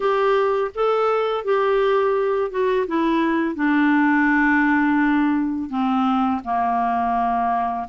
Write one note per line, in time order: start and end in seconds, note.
0.00 0.71 G4
0.74 1.44 A4
1.44 2.50 G4
2.50 2.86 F#4
2.87 3.55 E4
3.55 5.69 D4
5.69 6.41 C4
6.44 7.87 A#3